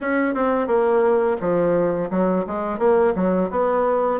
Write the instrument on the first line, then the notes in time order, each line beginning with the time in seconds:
bassoon
0.00 C#4
0.34 C4
0.67 A#3
1.40 F3
2.10 F#3
2.46 G#3
2.78 A#3
3.15 F#3
3.50 B3